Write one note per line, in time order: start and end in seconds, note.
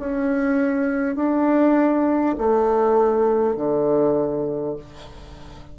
0.00 1.16 C#4
1.16 2.36 D4
2.38 3.56 A3
3.56 4.76 D3